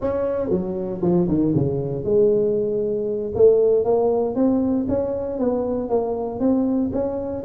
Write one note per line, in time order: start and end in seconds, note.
0.01 0.49 C#4
0.49 1.00 F#3
1.02 1.27 F3
1.28 1.54 D#3
1.55 2.04 C#3
2.04 3.32 G#3
3.34 3.84 A3
3.84 4.35 A#3
4.35 4.86 C4
4.88 5.38 C#4
5.38 5.89 B3
5.89 6.39 A#3
6.39 6.90 C4
6.92 7.44 C#4